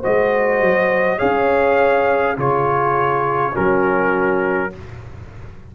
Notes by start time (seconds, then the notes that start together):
0.00 G#3 F#4 C5 D#5
0.62 F#3
1.18 C#4 G#4 C#5 F5
2.37 C#3 F4 G#4 C#5
3.52 F#3 C#4 F#4 A#4